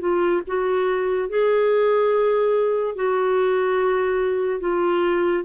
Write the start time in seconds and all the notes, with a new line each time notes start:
0.00 F4
0.47 F#4
1.29 G#4
2.95 F#4
4.60 F4